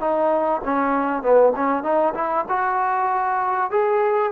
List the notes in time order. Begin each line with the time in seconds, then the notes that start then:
0.00 D#4
0.65 C#4
1.22 B3
1.56 C#4
1.83 D#4
2.15 E4
2.49 F#4
3.71 G#4